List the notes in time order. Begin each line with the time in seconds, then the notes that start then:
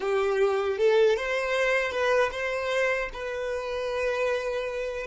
0.00 G4
0.78 A4
1.16 C5
1.91 B4
2.31 C5
3.13 B4